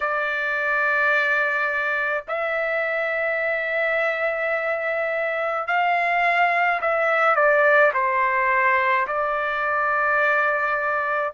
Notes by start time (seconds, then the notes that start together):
0.00 D5
2.27 E5
5.67 F5
6.81 E5
7.35 D5
7.93 C5
9.07 D5